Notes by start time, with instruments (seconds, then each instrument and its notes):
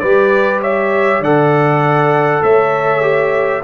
0.00 tuba G3, trombone G4, horn B4, trumpet D5
0.62 horn C#5, trumpet E5
1.21 tuba D3, trombone A4, horn D5, trumpet F#5
2.43 tuba A3, horn C#5, trumpet E5
3.02 trombone G4